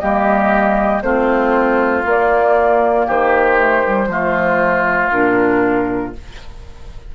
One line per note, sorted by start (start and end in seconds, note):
0.00 1.03 G3
0.00 1.02 A#3
0.00 1.03 G4
0.00 1.02 D#5
1.02 2.04 A3
1.02 2.04 C4
1.02 3.07 F4
1.02 2.04 C5
2.05 3.07 A#3
2.05 3.58 A#3
2.05 3.09 D5
3.07 4.07 D#3
3.07 4.08 G4
3.07 5.11 C5
3.58 3.84 A3
3.84 4.10 G3
4.07 5.09 F3
4.07 5.11 A3
4.07 6.15 F4
5.11 6.15 A#2
5.11 6.13 D4
5.11 6.13 A#4